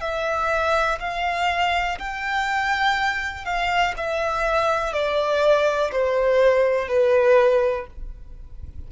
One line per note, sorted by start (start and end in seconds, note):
0.00 0.98 E5
1.00 1.98 F5
1.99 3.45 G5
3.45 3.94 F5
3.97 4.93 E5
4.93 5.91 D5
5.92 6.88 C5
6.88 7.86 B4